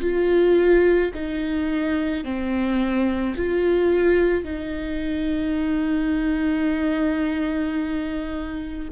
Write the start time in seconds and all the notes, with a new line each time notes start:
0.00 F4
1.14 D#4
2.24 C4
3.36 F4
4.44 D#4